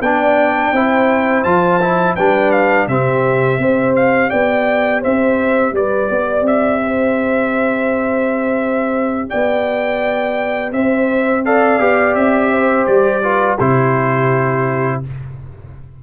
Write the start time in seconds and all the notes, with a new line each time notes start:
0.00 B3 D4 D5 G5
0.72 C4 E4 C5
1.43 F3 F4 A5
1.81 E4
2.15 G3 D4 B4 G5
2.51 F5
2.87 C3 C4 G4 E5
3.58 C4 G4 C5
3.95 F5
4.29 B3 D5 G5
5.01 C4 C5 E5
5.72 G3 B4 D5
6.09 B3 D5
6.41 C4 E5
6.81 C5
9.29 B3 D5 G5
10.72 C4 C5 E5
11.45 A4 D5 F5
11.79 B3 G4
12.14 C4 E5
12.51 C5
12.86 G3 D5
13.22 F4 B4
13.59 C3 E4 G4 C5